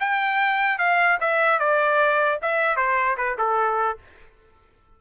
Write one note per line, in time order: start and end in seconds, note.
0.00 0.79 G5
0.79 1.19 F5
1.21 1.60 E5
1.60 2.40 D5
2.42 2.77 E5
2.77 3.17 C5
3.17 3.37 B4
3.38 3.98 A4